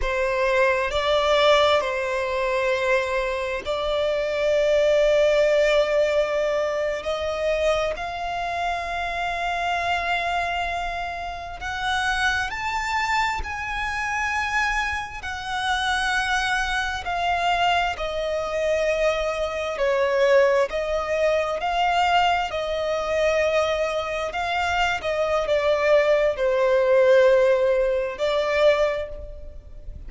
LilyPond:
\new Staff \with { instrumentName = "violin" } { \time 4/4 \tempo 4 = 66 c''4 d''4 c''2 | d''2.~ d''8. dis''16~ | dis''8. f''2.~ f''16~ | f''8. fis''4 a''4 gis''4~ gis''16~ |
gis''8. fis''2 f''4 dis''16~ | dis''4.~ dis''16 cis''4 dis''4 f''16~ | f''8. dis''2 f''8. dis''8 | d''4 c''2 d''4 | }